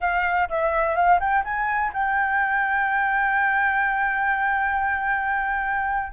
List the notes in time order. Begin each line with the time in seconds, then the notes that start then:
0.00 F5
0.49 E5
0.95 F5
1.20 G5
1.44 G#5
1.93 G5